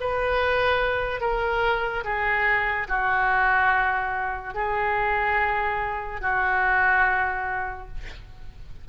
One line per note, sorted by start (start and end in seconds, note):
0.00 1.20 B4
1.20 2.04 A#4
2.04 2.87 G#4
2.88 4.54 F#4
4.54 6.21 G#4
6.21 7.87 F#4